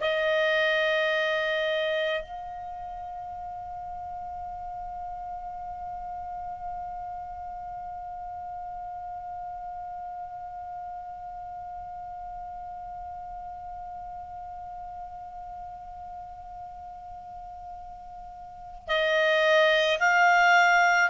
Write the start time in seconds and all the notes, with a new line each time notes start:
0.00 D#5
2.22 F5
18.87 D#5
19.99 F5